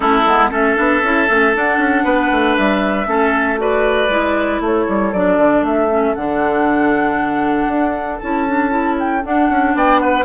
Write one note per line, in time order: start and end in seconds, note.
0.00 0.25 A3
0.00 0.25 C#4
0.00 0.50 E4
0.00 0.50 A4
0.26 0.51 G#3
0.26 0.50 B3
0.50 0.76 A3
0.50 0.76 C#4
0.50 2.04 A4
0.50 1.55 E5
0.76 1.02 B3
0.76 1.01 D4
1.02 1.28 C#4
1.02 1.27 E4
1.27 1.55 A3
1.27 1.53 C#4
1.54 3.06 D4
1.54 1.77 D4
1.54 2.56 F#5
1.77 2.03 C#4
2.04 2.29 B3
2.04 3.07 B4
2.31 2.57 A3
2.56 3.07 G3
2.56 3.58 E5
3.06 4.08 A3
3.06 3.57 C#4
3.06 3.59 A4
3.57 4.08 F#4
3.57 4.61 B4
3.57 4.62 D5
4.08 4.59 G#3
4.08 5.12 E4
4.60 4.86 A3
4.60 9.74 A4
4.60 5.12 C#5
4.88 5.13 G3
5.12 5.37 F#3
5.12 5.89 D4
5.12 5.64 D5
5.37 5.62 D3
5.62 6.13 A3
5.62 6.14 E5
5.89 6.15 C#4
6.14 7.67 D3
6.14 8.22 D4
6.14 8.18 F#5
7.67 8.19 D4
8.18 9.24 C#4
8.18 8.47 E4
8.18 8.95 A5
8.47 8.70 D4
8.70 9.21 E4
8.99 9.24 G5
9.23 10.25 D4
9.23 9.49 D4
9.23 9.76 F#5
9.49 9.74 C#4
9.74 10.25 B3
9.74 10.01 D5
9.74 9.99 G5
9.99 10.25 B4
9.99 10.25 F#5